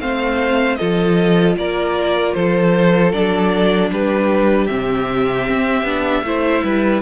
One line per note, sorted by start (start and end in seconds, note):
0.00 0.78 A3
0.00 0.79 C4
0.00 0.79 C5
0.00 0.77 F5
0.77 1.57 F3
0.77 3.13 F4
0.77 1.57 A4
0.77 1.55 D#5
1.57 2.35 A#3
1.57 2.35 A#4
1.57 2.34 D5
2.34 3.13 F3
2.34 3.91 A4
2.34 3.12 C5
3.13 3.91 F#3
3.13 4.69 D4
3.13 3.91 D5
3.91 4.69 G3
3.91 6.26 G4
3.91 4.68 B4
4.68 5.49 C3
4.68 5.86 C4
4.68 7.01 E5
5.50 5.84 C4
5.84 6.23 B3
5.84 6.25 D4
6.24 6.63 A3
6.24 7.03 E4
6.24 6.65 C5
6.64 7.03 G3
6.64 7.03 B4